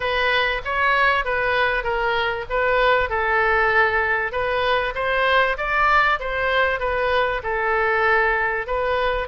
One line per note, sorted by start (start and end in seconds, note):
0.00 0.61 B4
0.65 1.25 C#5
1.25 1.83 B4
1.83 2.45 A#4
2.49 3.09 B4
3.09 4.32 A4
4.32 4.93 B4
4.95 5.56 C5
5.57 6.19 D5
6.19 6.79 C5
6.79 7.41 B4
7.43 8.66 A4
8.66 9.28 B4